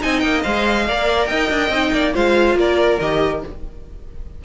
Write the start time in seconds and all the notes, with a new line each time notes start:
0.00 C4 D#4 D#5 G#5
0.20 A#3 G5
0.43 G#3 C5 F5
0.88 A#3 A#4 D5
1.26 D#4 D#5 G5
1.50 D4
1.70 C4 D#4
1.93 A#3 D5
2.13 G#3 F4 C5 F5
2.55 A#3 A#4 D5
3.00 D#3 G4 D#5